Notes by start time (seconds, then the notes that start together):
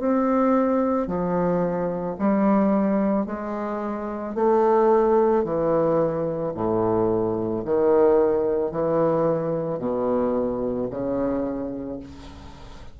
0.00 C4
1.07 F3
2.19 G3
3.26 G#3
4.35 A3
5.44 E3
6.55 A2
7.65 D#3
8.72 E3
9.79 B2
10.90 C#3